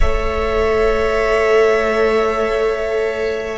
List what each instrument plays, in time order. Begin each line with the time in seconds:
0.00 cello A3, viola A4, violin C#5 E5